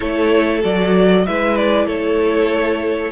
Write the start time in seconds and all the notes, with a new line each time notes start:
0.00 A3 E4 A4 C#5
0.62 F#3 F#4 D5
1.26 G#3 E4 B4 E5
1.56 D5
1.86 A3 A4 C#5